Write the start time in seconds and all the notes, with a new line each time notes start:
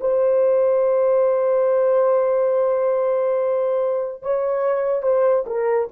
0.00 C5
4.22 C#5
5.02 C5
5.46 A#4